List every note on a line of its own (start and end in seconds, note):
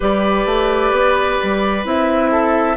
0.00 0.45 G3
0.00 1.84 G4
0.00 2.30 B4
0.00 1.86 D5
0.45 0.91 A3
0.91 1.37 B3
1.42 1.84 G3
1.84 2.77 C4
1.84 2.76 E4
1.84 2.77 E5
2.31 2.77 A4